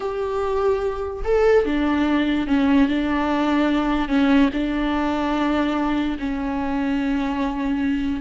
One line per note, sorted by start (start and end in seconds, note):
0.00 1.23 G4
1.24 1.65 A4
1.65 2.47 D4
2.47 2.88 C#4
2.88 4.08 D4
4.08 4.49 C#4
4.53 6.17 D4
6.19 8.20 C#4